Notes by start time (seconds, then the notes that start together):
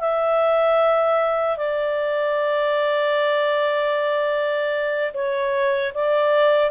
0.00 E5
1.58 D5
5.14 C#5
5.94 D5